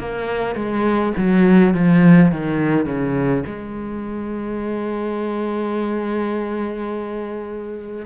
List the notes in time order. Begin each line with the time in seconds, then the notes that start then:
0.00 A#3
0.55 G#3
1.17 F#3
1.74 F3
2.31 D#3
2.86 C#3
3.46 G#3